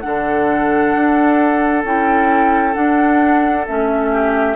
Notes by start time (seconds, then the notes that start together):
0.00 D3 D4 A4 F#5
0.95 D4
1.84 C#4 E4 G5
2.73 D4 F#5
3.66 A3 C#4 E5
4.11 G4